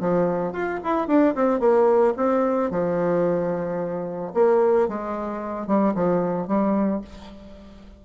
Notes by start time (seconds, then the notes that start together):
0.00 F3
0.53 F4
0.84 E4
1.07 D4
1.35 C4
1.60 A#3
2.16 C4
2.70 F3
4.34 A#3
4.88 G#3
5.67 G3
5.95 F3
6.47 G3